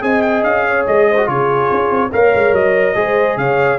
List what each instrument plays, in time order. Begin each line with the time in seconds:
0.00 tuba C4, trombone G#4, horn D#5, trumpet G#5
0.22 trumpet G5
0.43 tuba C#4, trumpet F5
0.67 horn C#5
0.87 tuba G#3, trumpet D#5
1.09 horn C5
1.17 trombone F#4
1.25 tuba C#3, trombone F4, horn G#4, trumpet C#5
1.71 tuba C#4
1.90 tuba C4
2.12 tuba A#3, trombone A#4, horn C#5, trumpet F5
2.34 tuba G#3
2.52 tuba F#3, trumpet D#5
2.95 tuba G#3, trombone G#4, horn C5
3.36 tuba C#3, horn C#5, trumpet F5